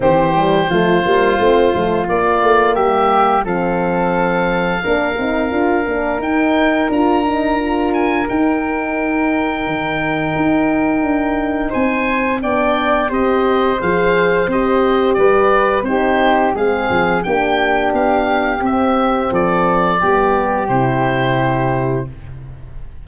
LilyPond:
<<
  \new Staff \with { instrumentName = "oboe" } { \time 4/4 \tempo 4 = 87 c''2. d''4 | e''4 f''2.~ | f''4 g''4 ais''4. gis''8 | g''1~ |
g''4 gis''4 g''4 dis''4 | f''4 dis''4 d''4 c''4 | f''4 g''4 f''4 e''4 | d''2 c''2 | }
  \new Staff \with { instrumentName = "flute" } { \time 4/4 g'4 f'2. | g'4 a'2 ais'4~ | ais'1~ | ais'1~ |
ais'4 c''4 d''4 c''4~ | c''2 b'4 g'4 | gis'4 g'2. | a'4 g'2. | }
  \new Staff \with { instrumentName = "horn" } { \time 4/4 c'8 g8 a8 ais8 c'8 a8 ais4~ | ais4 c'2 d'8 dis'8 | f'8 d'8 dis'4 f'8 dis'8 f'4 | dis'1~ |
dis'2 d'4 g'4 | gis'4 g'2 dis'4 | c'4 d'2 c'4~ | c'4 b4 e'2 | }
  \new Staff \with { instrumentName = "tuba" } { \time 4/4 e4 f8 g8 a8 f8 ais8 a8 | g4 f2 ais8 c'8 | d'8 ais8 dis'4 d'2 | dis'2 dis4 dis'4 |
d'4 c'4 b4 c'4 | f4 c'4 g4 c'4 | gis8 f8 ais4 b4 c'4 | f4 g4 c2 | }
>>